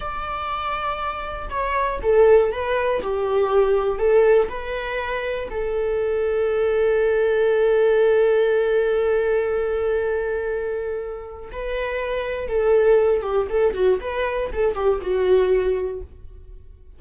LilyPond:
\new Staff \with { instrumentName = "viola" } { \time 4/4 \tempo 4 = 120 d''2. cis''4 | a'4 b'4 g'2 | a'4 b'2 a'4~ | a'1~ |
a'1~ | a'2. b'4~ | b'4 a'4. g'8 a'8 fis'8 | b'4 a'8 g'8 fis'2 | }